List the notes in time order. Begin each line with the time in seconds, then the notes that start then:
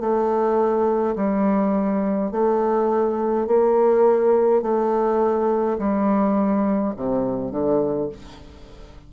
0.00 A3
1.16 G3
2.31 A3
3.47 A#3
4.62 A3
5.78 G3
6.97 C3
7.51 D3